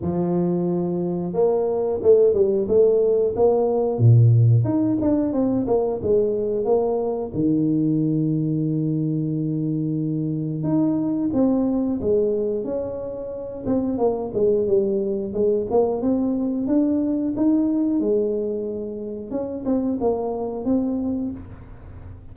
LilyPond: \new Staff \with { instrumentName = "tuba" } { \time 4/4 \tempo 4 = 90 f2 ais4 a8 g8 | a4 ais4 ais,4 dis'8 d'8 | c'8 ais8 gis4 ais4 dis4~ | dis1 |
dis'4 c'4 gis4 cis'4~ | cis'8 c'8 ais8 gis8 g4 gis8 ais8 | c'4 d'4 dis'4 gis4~ | gis4 cis'8 c'8 ais4 c'4 | }